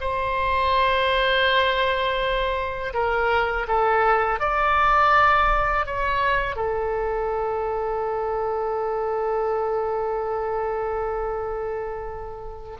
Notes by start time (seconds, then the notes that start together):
0.00 C5
2.93 A#4
3.67 A4
4.39 D5
5.85 C#5
6.56 A4